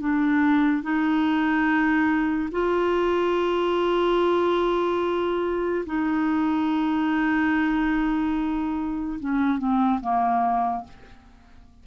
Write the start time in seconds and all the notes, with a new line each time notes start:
0.00 D4
0.83 D#4
2.52 F4
5.86 D#4
9.19 C#4
9.58 C4
10.01 A#3